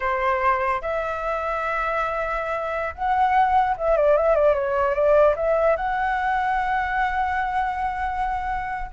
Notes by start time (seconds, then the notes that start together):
0.00 C5
0.81 E5
2.94 F#5
3.77 E5
3.96 D5
4.16 E5
4.35 D5
4.54 C#5
4.94 D5
5.36 E5
5.76 F#5